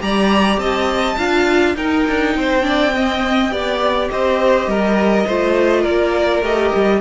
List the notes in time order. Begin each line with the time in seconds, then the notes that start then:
0.00 G3 G4 D5 A#5
0.58 C4 D#5 A5
1.18 D4 F4 F5
1.76 D#4 A#4 G5
2.09 D4
2.35 C4 C5
2.62 D4 D5
2.95 C4 D#5
3.51 B3 G4 D5
4.11 C4 C5 D#5
4.67 G3 A#4
5.27 A3 F4 C5
5.82 A#3 A#4 D5
6.42 A3 G4 D#5
6.75 G3